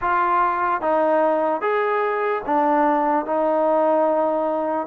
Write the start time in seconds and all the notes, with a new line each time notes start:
0.01 F4
0.81 D#4
1.61 G#4
2.45 D4
3.25 D#4